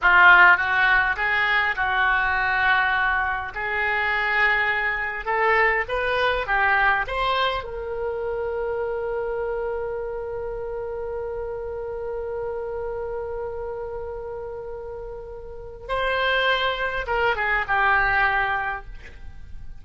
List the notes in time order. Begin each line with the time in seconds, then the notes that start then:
0.01 F4
0.57 F#4
1.16 G#4
1.75 F#4
3.55 G#4
5.25 A4
5.88 B4
6.46 G4
7.07 C5
7.63 A#4
15.88 C5
17.06 A#4
17.35 G#4
17.67 G4